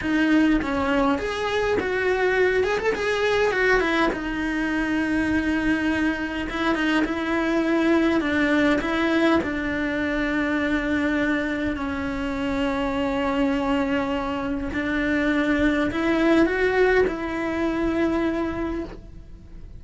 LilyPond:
\new Staff \with { instrumentName = "cello" } { \time 4/4 \tempo 4 = 102 dis'4 cis'4 gis'4 fis'4~ | fis'8 gis'16 a'16 gis'4 fis'8 e'8 dis'4~ | dis'2. e'8 dis'8 | e'2 d'4 e'4 |
d'1 | cis'1~ | cis'4 d'2 e'4 | fis'4 e'2. | }